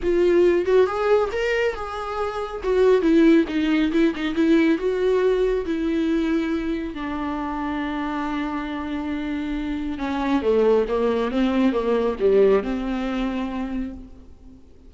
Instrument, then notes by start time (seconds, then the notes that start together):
viola
0.02 F4
0.65 F#4
0.86 G#4
1.31 A#4
1.74 G#4
2.63 F#4
3.01 E4
3.48 D#4
3.92 E4
4.15 D#4
4.35 E4
4.78 F#4
5.65 E4
6.94 D4
9.98 C#4
10.42 A3
10.88 A#3
11.31 C4
11.72 A#3
12.19 G3
12.63 C4